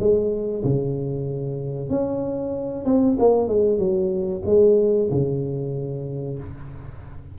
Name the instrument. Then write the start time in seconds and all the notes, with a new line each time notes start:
tuba
0.00 G#3
0.65 C#3
1.90 C#4
2.85 C4
3.20 A#3
3.49 G#3
3.79 F#3
4.46 G#3
5.11 C#3